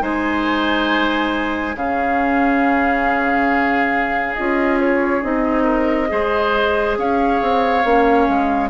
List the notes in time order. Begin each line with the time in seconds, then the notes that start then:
0.00 G#3 D#4 C5 G#5
1.76 C#3 C#4 G#4 F5
4.35 C#4 F4 D#5
4.80 C#5
5.22 C4 D#4 D#5
5.64 A#4
6.08 G#3 G#4 C5
6.98 C#4 C#5 F5
7.42 C4
7.85 A#3 C#4
8.29 G#3